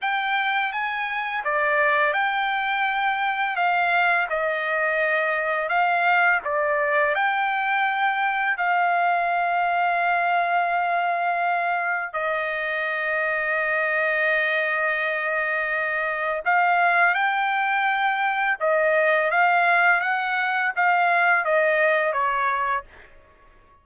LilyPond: \new Staff \with { instrumentName = "trumpet" } { \time 4/4 \tempo 4 = 84 g''4 gis''4 d''4 g''4~ | g''4 f''4 dis''2 | f''4 d''4 g''2 | f''1~ |
f''4 dis''2.~ | dis''2. f''4 | g''2 dis''4 f''4 | fis''4 f''4 dis''4 cis''4 | }